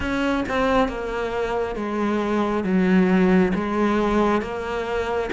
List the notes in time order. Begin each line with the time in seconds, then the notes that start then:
0.00 C#4
0.48 C4
0.88 A#3
1.75 G#3
2.64 F#3
3.54 G#3
4.41 A#3